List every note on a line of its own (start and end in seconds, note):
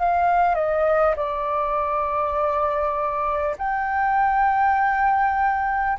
0.00 0.55 F5
0.55 1.15 D#5
1.17 3.57 D5
3.59 5.99 G5